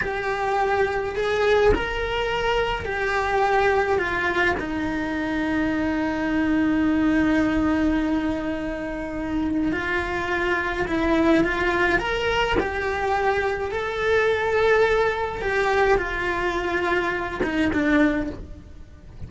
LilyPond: \new Staff \with { instrumentName = "cello" } { \time 4/4 \tempo 4 = 105 g'2 gis'4 ais'4~ | ais'4 g'2 f'4 | dis'1~ | dis'1~ |
dis'4 f'2 e'4 | f'4 ais'4 g'2 | a'2. g'4 | f'2~ f'8 dis'8 d'4 | }